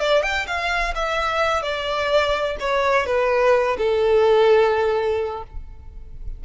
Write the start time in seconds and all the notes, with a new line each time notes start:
0.00 D5
0.23 G5
0.47 F5
0.95 E5
1.62 D5
2.60 C#5
3.07 B4
3.78 A4